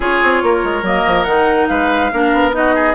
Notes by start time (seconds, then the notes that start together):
0.00 C#4 F4 G#4 C#5
0.22 C4
0.43 A#3 A#4
0.63 G#3
0.82 F#3 A#3 D#5
1.06 F3
1.24 D#3 D#4 F#5
1.67 G#3 B4 F5
2.12 A#3 D4 A#4
2.33 B3
2.52 D#4 F#4 D#5
2.74 G#4